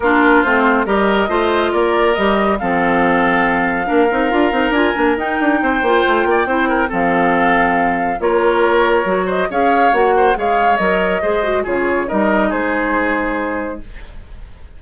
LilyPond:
<<
  \new Staff \with { instrumentName = "flute" } { \time 4/4 \tempo 4 = 139 ais'4 c''4 dis''2 | d''4 dis''4 f''2~ | f''2. gis''4 | g''1 |
f''2. cis''4~ | cis''4. dis''8 f''4 fis''4 | f''4 dis''2 cis''4 | dis''4 c''2. | }
  \new Staff \with { instrumentName = "oboe" } { \time 4/4 f'2 ais'4 c''4 | ais'2 a'2~ | a'4 ais'2.~ | ais'4 c''4. d''8 c''8 ais'8 |
a'2. ais'4~ | ais'4. c''8 cis''4. c''8 | cis''2 c''4 gis'4 | ais'4 gis'2. | }
  \new Staff \with { instrumentName = "clarinet" } { \time 4/4 d'4 c'4 g'4 f'4~ | f'4 g'4 c'2~ | c'4 d'8 dis'8 f'8 dis'8 f'8 d'8 | dis'4. f'4. e'4 |
c'2. f'4~ | f'4 fis'4 gis'4 fis'4 | gis'4 ais'4 gis'8 fis'8 f'4 | dis'1 | }
  \new Staff \with { instrumentName = "bassoon" } { \time 4/4 ais4 a4 g4 a4 | ais4 g4 f2~ | f4 ais8 c'8 d'8 c'8 d'8 ais8 | dis'8 d'8 c'8 ais8 a8 ais8 c'4 |
f2. ais4~ | ais4 fis4 cis'4 ais4 | gis4 fis4 gis4 cis4 | g4 gis2. | }
>>